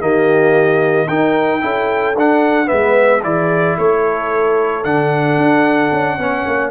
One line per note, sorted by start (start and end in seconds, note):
0.00 1.08 D#3
0.00 1.07 A#3
0.00 1.07 G4
0.00 1.08 D#5
1.07 1.63 D#4
1.07 1.60 D#4
1.07 1.60 A#4
1.07 2.15 G5
1.60 2.16 C#4
1.60 2.14 E4
1.60 2.67 A4
2.16 2.69 D4
2.16 2.66 D4
2.16 2.68 F#5
2.66 3.23 G#3
2.66 3.19 B3
2.66 3.21 B4
2.66 3.21 E5
3.22 3.77 E3
3.22 4.83 E4
3.22 3.77 G#4
3.22 3.77 D5
3.77 4.85 A3
3.77 6.18 A4
3.77 4.84 C#5
4.84 5.37 D3
4.84 6.18 D4
4.84 6.70 F#5
5.37 5.90 D4
5.91 6.18 C#4
6.18 6.45 B3
6.18 6.70 C#4
6.18 6.70 C#5
6.46 6.70 A#3